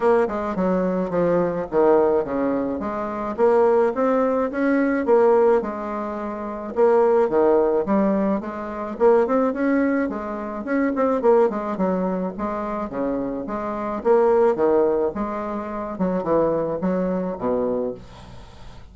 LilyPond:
\new Staff \with { instrumentName = "bassoon" } { \time 4/4 \tempo 4 = 107 ais8 gis8 fis4 f4 dis4 | cis4 gis4 ais4 c'4 | cis'4 ais4 gis2 | ais4 dis4 g4 gis4 |
ais8 c'8 cis'4 gis4 cis'8 c'8 | ais8 gis8 fis4 gis4 cis4 | gis4 ais4 dis4 gis4~ | gis8 fis8 e4 fis4 b,4 | }